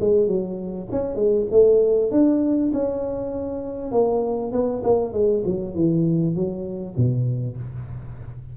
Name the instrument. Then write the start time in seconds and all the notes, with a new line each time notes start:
tuba
0.00 G#3
0.28 F#3
0.91 C#4
1.15 G#3
1.51 A3
2.11 D4
2.73 C#4
3.92 A#3
4.52 B3
4.84 A#3
5.13 G#3
5.45 F#3
5.75 E3
6.36 F#3
6.97 B2